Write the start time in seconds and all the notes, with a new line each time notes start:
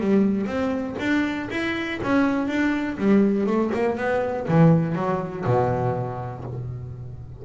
0.00 G3
0.46 C4
0.99 D4
1.50 E4
2.03 C#4
2.48 D4
2.98 G3
3.46 A3
3.74 A#3
3.97 B3
4.48 E3
4.95 F#3
5.45 B2